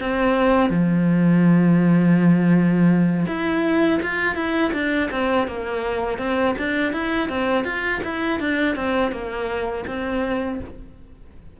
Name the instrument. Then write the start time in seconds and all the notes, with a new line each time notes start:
cello
0.00 C4
0.70 F3
3.27 E4
4.02 F4
4.35 E4
4.73 D4
5.11 C4
5.47 A#3
6.18 C4
6.58 D4
6.92 E4
7.29 C4
7.64 F4
8.04 E4
8.40 D4
8.75 C4
9.11 A#3
9.87 C4